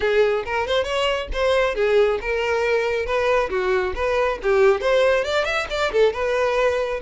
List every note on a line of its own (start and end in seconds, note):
0.00 0.44 G#4
0.45 0.67 A#4
0.67 0.84 C5
0.84 1.27 C#5
1.33 1.75 C5
1.75 2.19 G#4
2.21 3.06 A#4
3.06 3.49 B4
3.50 3.93 F#4
3.95 4.39 B4
4.42 4.80 G4
4.80 5.24 C5
5.24 5.44 D5
5.44 5.66 E5
5.69 5.91 D5
5.91 6.13 A4
6.13 7.00 B4